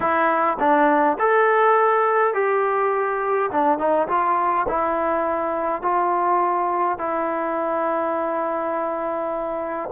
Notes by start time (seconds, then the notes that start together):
0.00 E4
0.59 D4
1.19 A4
2.34 G4
3.51 D4
3.78 D#4
4.08 F4
4.68 E4
5.82 F4
6.98 E4